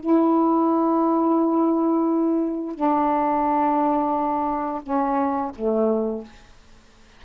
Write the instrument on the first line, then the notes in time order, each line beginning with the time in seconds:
saxophone
0.00 E4
2.75 D4
4.83 C#4
5.55 A3